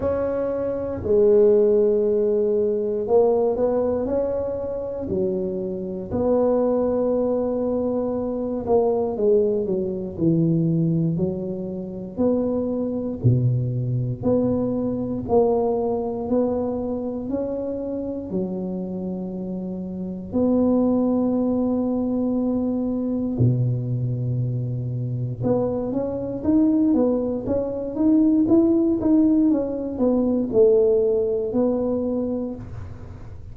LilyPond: \new Staff \with { instrumentName = "tuba" } { \time 4/4 \tempo 4 = 59 cis'4 gis2 ais8 b8 | cis'4 fis4 b2~ | b8 ais8 gis8 fis8 e4 fis4 | b4 b,4 b4 ais4 |
b4 cis'4 fis2 | b2. b,4~ | b,4 b8 cis'8 dis'8 b8 cis'8 dis'8 | e'8 dis'8 cis'8 b8 a4 b4 | }